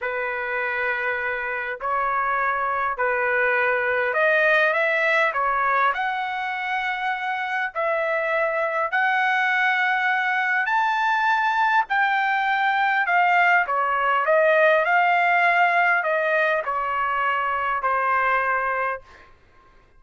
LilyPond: \new Staff \with { instrumentName = "trumpet" } { \time 4/4 \tempo 4 = 101 b'2. cis''4~ | cis''4 b'2 dis''4 | e''4 cis''4 fis''2~ | fis''4 e''2 fis''4~ |
fis''2 a''2 | g''2 f''4 cis''4 | dis''4 f''2 dis''4 | cis''2 c''2 | }